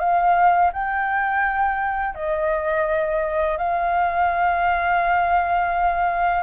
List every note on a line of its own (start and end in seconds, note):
0.00 0.71 F5
0.73 2.15 G5
2.15 3.58 D#5
3.58 6.43 F5